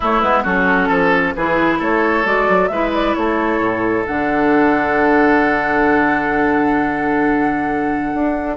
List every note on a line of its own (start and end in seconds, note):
0.00 0.22 A3
0.00 0.23 A3
0.00 0.43 E4
0.00 0.20 C#5
0.20 0.44 G#3
0.20 0.45 B3
0.20 0.43 B4
0.43 0.89 F#3
0.43 1.35 C#4
0.43 0.88 F#4
0.43 1.35 A4
0.88 1.34 F3
0.88 1.33 A4
1.35 1.80 E3
1.35 2.24 E4
1.35 1.79 G#4
1.35 1.80 B4
1.79 2.25 A3
1.79 2.69 A4
1.79 2.26 C#5
2.24 2.47 G#3
2.24 2.69 F#4
2.24 2.67 D5
2.48 2.69 F#3
2.67 3.14 G#3
2.67 4.05 E4
2.67 3.17 B4
2.67 2.90 E5
2.94 3.14 D5
3.14 3.60 A3
3.14 8.56 A4
3.14 4.04 C#5
3.60 4.05 A2
4.05 8.14 D3
4.05 8.56 D4
4.05 8.56 F#5
8.14 8.56 D4